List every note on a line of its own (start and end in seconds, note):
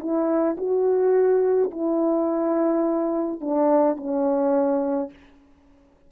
0.00 0.57 E4
0.58 1.71 F#4
1.71 3.41 E4
3.41 3.97 D4
3.97 5.10 C#4